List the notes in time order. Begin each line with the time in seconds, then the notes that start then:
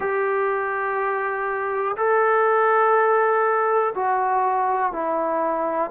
0.00 G4
1.97 A4
3.94 F#4
4.92 E4